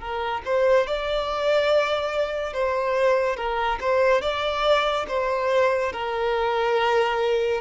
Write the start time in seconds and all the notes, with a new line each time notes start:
0.00 A#4
0.45 C5
0.87 D5
2.54 C5
3.36 A#4
3.81 C5
4.22 D5
5.08 C5
5.93 A#4